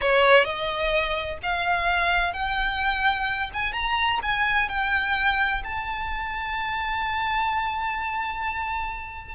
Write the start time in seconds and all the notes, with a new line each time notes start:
0.01 C#5
0.44 D#5
1.42 F5
2.33 G5
3.53 G#5
3.72 A#5
4.22 G#5
4.68 G5
5.64 A5